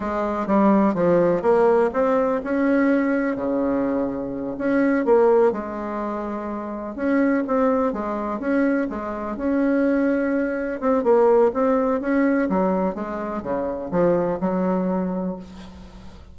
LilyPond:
\new Staff \with { instrumentName = "bassoon" } { \time 4/4 \tempo 4 = 125 gis4 g4 f4 ais4 | c'4 cis'2 cis4~ | cis4. cis'4 ais4 gis8~ | gis2~ gis8 cis'4 c'8~ |
c'8 gis4 cis'4 gis4 cis'8~ | cis'2~ cis'8 c'8 ais4 | c'4 cis'4 fis4 gis4 | cis4 f4 fis2 | }